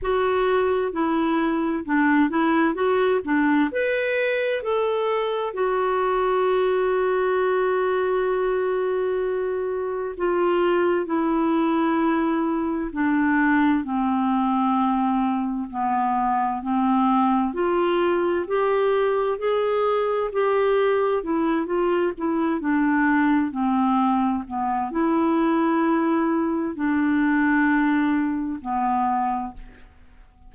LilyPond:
\new Staff \with { instrumentName = "clarinet" } { \time 4/4 \tempo 4 = 65 fis'4 e'4 d'8 e'8 fis'8 d'8 | b'4 a'4 fis'2~ | fis'2. f'4 | e'2 d'4 c'4~ |
c'4 b4 c'4 f'4 | g'4 gis'4 g'4 e'8 f'8 | e'8 d'4 c'4 b8 e'4~ | e'4 d'2 b4 | }